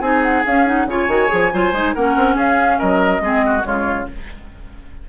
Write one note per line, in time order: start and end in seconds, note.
0.00 0.43 C4
0.00 0.44 D#4
0.00 0.86 G#4
0.00 0.21 G#5
0.22 0.44 F#5
0.46 0.86 C#4
0.46 0.66 C#4
0.46 0.67 F5
0.66 0.87 D#4
0.66 0.88 F#5
0.86 1.07 C#3
0.86 1.08 F4
0.86 1.53 C#5
0.86 1.94 G#5
1.08 1.29 D#3
1.08 1.27 F#4
1.27 1.53 F3
1.27 1.49 G#4
1.52 1.72 F#3
1.52 1.73 F4
1.52 1.94 C5
1.72 1.94 G#3
1.72 1.95 D#4
1.94 2.16 A#3
1.94 3.22 C#4
1.94 2.35 A#4
1.94 2.36 F#5
2.16 2.35 C4
2.35 2.78 C#4
2.35 2.78 G#4
2.35 2.79 F5
2.78 3.20 F#3
2.78 3.21 A#4
2.78 3.64 D#5
3.20 3.62 G#3
3.20 3.61 C4
3.20 3.45 G#4
3.45 3.66 F#4
3.61 4.08 C#3
3.61 4.03 G#3
3.61 4.09 F4
3.61 4.07 C#5